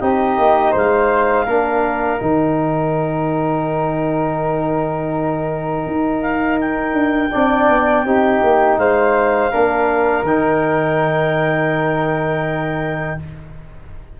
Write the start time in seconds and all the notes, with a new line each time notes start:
0.00 C4 D#4 G4 D#5
0.37 A#3
0.71 G#3 C5 F5
1.45 A#3 D4 A#4
2.18 D#3 D#4 G5
5.86 D#4
6.21 F5
6.60 G5
6.93 D4
7.31 C4 D4 D5
7.69 B3
8.04 C4 D#4 G4
8.42 A#3
8.77 G#3 C5 F5
9.51 A#3 D4 A#4
10.22 D#3 D#4 G5